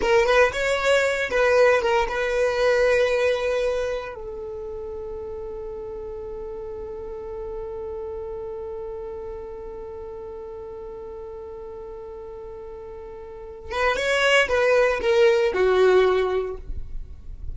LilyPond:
\new Staff \with { instrumentName = "violin" } { \time 4/4 \tempo 4 = 116 ais'8 b'8 cis''4. b'4 ais'8 | b'1 | a'1~ | a'1~ |
a'1~ | a'1~ | a'2~ a'8 b'8 cis''4 | b'4 ais'4 fis'2 | }